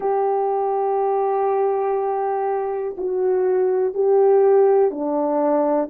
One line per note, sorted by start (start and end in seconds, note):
0.00 2.95 G4
2.97 3.93 F#4
3.93 4.90 G4
4.90 5.89 D4